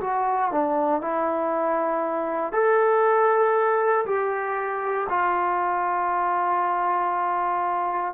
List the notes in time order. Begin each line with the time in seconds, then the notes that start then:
0.00 F#4
0.51 D4
1.01 E4
2.52 A4
4.05 G4
5.09 F4